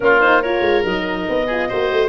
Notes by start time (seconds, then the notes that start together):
0.00 A#3 C#4 F4 A#4
0.20 D#4 C5
0.42 F4 A#4 C#5
0.61 G#3
0.84 F#3 D#4 D#5
1.28 B3
1.46 F4 G#4
1.68 A#3 F#4 C5
1.91 A3